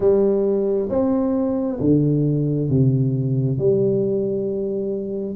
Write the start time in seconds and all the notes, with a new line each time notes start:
0.00 G3
0.89 C4
1.80 D3
2.69 C3
3.58 G3